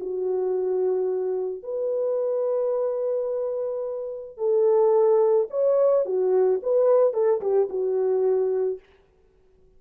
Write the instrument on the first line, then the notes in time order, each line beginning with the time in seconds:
horn
0.00 F#4
1.63 B4
4.37 A4
5.50 C#5
6.05 F#4
6.62 B4
7.13 A4
7.41 G4
7.69 F#4